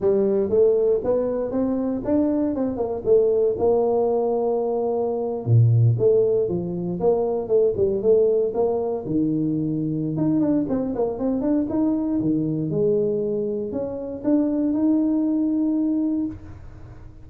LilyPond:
\new Staff \with { instrumentName = "tuba" } { \time 4/4 \tempo 4 = 118 g4 a4 b4 c'4 | d'4 c'8 ais8 a4 ais4~ | ais2~ ais8. ais,4 a16~ | a8. f4 ais4 a8 g8 a16~ |
a8. ais4 dis2~ dis16 | dis'8 d'8 c'8 ais8 c'8 d'8 dis'4 | dis4 gis2 cis'4 | d'4 dis'2. | }